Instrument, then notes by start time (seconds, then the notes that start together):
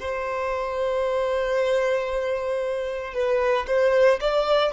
violin
0.00 C5
3.14 B4
3.67 C5
4.21 D5